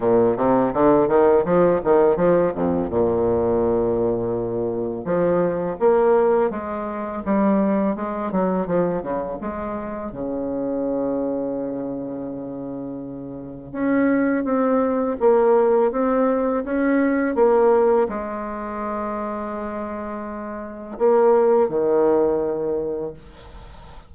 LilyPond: \new Staff \with { instrumentName = "bassoon" } { \time 4/4 \tempo 4 = 83 ais,8 c8 d8 dis8 f8 dis8 f8 f,8 | ais,2. f4 | ais4 gis4 g4 gis8 fis8 | f8 cis8 gis4 cis2~ |
cis2. cis'4 | c'4 ais4 c'4 cis'4 | ais4 gis2.~ | gis4 ais4 dis2 | }